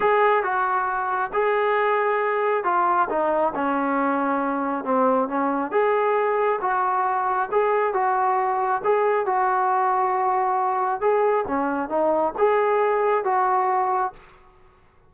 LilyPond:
\new Staff \with { instrumentName = "trombone" } { \time 4/4 \tempo 4 = 136 gis'4 fis'2 gis'4~ | gis'2 f'4 dis'4 | cis'2. c'4 | cis'4 gis'2 fis'4~ |
fis'4 gis'4 fis'2 | gis'4 fis'2.~ | fis'4 gis'4 cis'4 dis'4 | gis'2 fis'2 | }